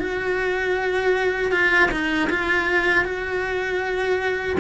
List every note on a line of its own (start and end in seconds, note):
0.00 1.52 F#4
1.52 1.90 F4
1.92 2.30 D#4
2.30 3.05 F4
3.05 4.57 F#4